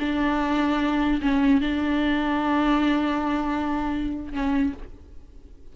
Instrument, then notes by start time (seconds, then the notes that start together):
viola
0.00 D4
1.22 C#4
1.61 D4
4.33 C#4